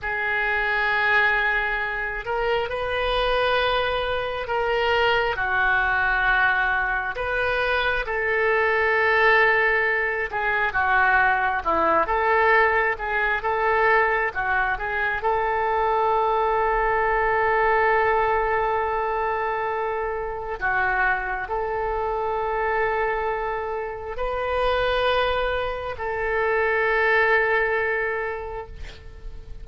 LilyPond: \new Staff \with { instrumentName = "oboe" } { \time 4/4 \tempo 4 = 67 gis'2~ gis'8 ais'8 b'4~ | b'4 ais'4 fis'2 | b'4 a'2~ a'8 gis'8 | fis'4 e'8 a'4 gis'8 a'4 |
fis'8 gis'8 a'2.~ | a'2. fis'4 | a'2. b'4~ | b'4 a'2. | }